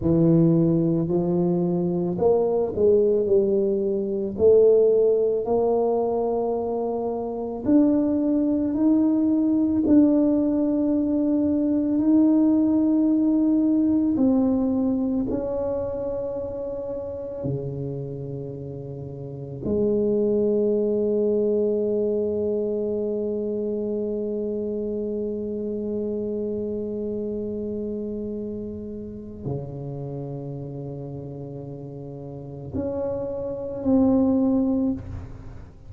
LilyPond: \new Staff \with { instrumentName = "tuba" } { \time 4/4 \tempo 4 = 55 e4 f4 ais8 gis8 g4 | a4 ais2 d'4 | dis'4 d'2 dis'4~ | dis'4 c'4 cis'2 |
cis2 gis2~ | gis1~ | gis2. cis4~ | cis2 cis'4 c'4 | }